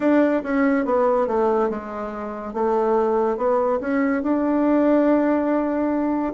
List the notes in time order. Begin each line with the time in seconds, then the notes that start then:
0.00 D4
0.43 C#4
0.85 B3
1.27 A3
1.69 G#3
2.53 A3
3.37 B3
3.80 C#4
4.23 D4